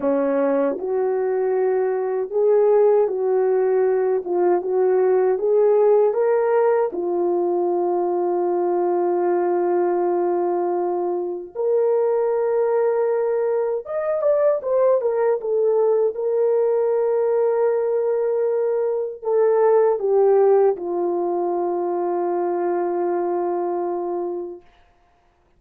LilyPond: \new Staff \with { instrumentName = "horn" } { \time 4/4 \tempo 4 = 78 cis'4 fis'2 gis'4 | fis'4. f'8 fis'4 gis'4 | ais'4 f'2.~ | f'2. ais'4~ |
ais'2 dis''8 d''8 c''8 ais'8 | a'4 ais'2.~ | ais'4 a'4 g'4 f'4~ | f'1 | }